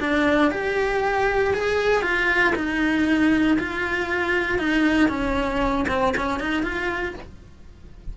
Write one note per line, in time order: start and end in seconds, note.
0.00 0.51 D4
0.51 1.54 G4
1.54 2.02 G#4
2.02 2.54 F4
2.55 3.58 D#4
3.59 4.59 F4
4.59 5.09 D#4
5.09 5.86 C#4
5.88 6.14 C4
6.17 6.40 C#4
6.40 6.63 D#4
6.63 7.14 F4